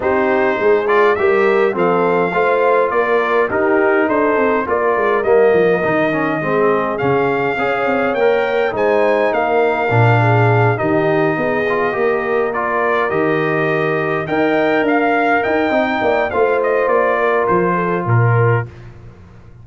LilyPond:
<<
  \new Staff \with { instrumentName = "trumpet" } { \time 4/4 \tempo 4 = 103 c''4. d''8 e''4 f''4~ | f''4 d''4 ais'4 c''4 | d''4 dis''2. | f''2 g''4 gis''4 |
f''2~ f''8 dis''4.~ | dis''4. d''4 dis''4.~ | dis''8 g''4 f''4 g''4. | f''8 dis''8 d''4 c''4 ais'4 | }
  \new Staff \with { instrumentName = "horn" } { \time 4/4 g'4 gis'4 ais'4 a'4 | c''4 ais'4 g'4 a'4 | ais'2. gis'4~ | gis'4 cis''2 c''4 |
ais'4. gis'4 g'4 gis'8~ | gis'8 ais'2.~ ais'8~ | ais'8 dis''4 f''4 dis''4 d''8 | c''4. ais'4 a'8 ais'4 | }
  \new Staff \with { instrumentName = "trombone" } { \time 4/4 dis'4. f'8 g'4 c'4 | f'2 dis'2 | f'4 ais4 dis'8 cis'8 c'4 | cis'4 gis'4 ais'4 dis'4~ |
dis'4 d'4. dis'4. | f'8 g'4 f'4 g'4.~ | g'8 ais'2~ ais'8 dis'4 | f'1 | }
  \new Staff \with { instrumentName = "tuba" } { \time 4/4 c'4 gis4 g4 f4 | a4 ais4 dis'4 d'8 c'8 | ais8 gis8 g8 f8 dis4 gis4 | cis4 cis'8 c'8 ais4 gis4 |
ais4 ais,4. dis4 b8~ | b8 ais2 dis4.~ | dis8 dis'4 d'4 dis'8 c'8 ais8 | a4 ais4 f4 ais,4 | }
>>